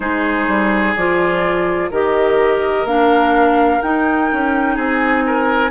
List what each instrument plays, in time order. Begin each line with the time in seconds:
0.00 bassoon G#3, clarinet D#4, oboe G#4, flute C5
0.47 bassoon G3
0.95 bassoon F3, clarinet F4, flute D5
1.90 bassoon D#3, clarinet G4, oboe A#4, flute D#5
2.84 bassoon A#3, clarinet D4, flute F5
3.81 bassoon D#4, clarinet D#4, flute G5
4.32 bassoon C#4
4.75 bassoon C4, oboe G#4, flute G#5
5.26 oboe A#4